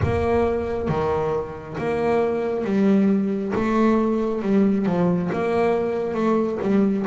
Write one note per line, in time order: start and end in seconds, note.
0.02 0.88 A#3
0.88 1.76 D#3
1.78 2.64 A#3
2.64 3.52 G3
3.55 4.42 A3
4.42 4.85 G3
4.85 5.29 F3
5.32 6.14 A#3
6.14 6.58 A3
6.61 7.05 G3